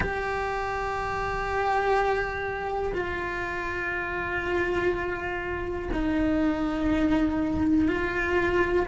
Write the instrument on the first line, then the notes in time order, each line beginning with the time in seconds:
cello
0.00 G4
2.94 F4
5.92 D#4
7.87 F4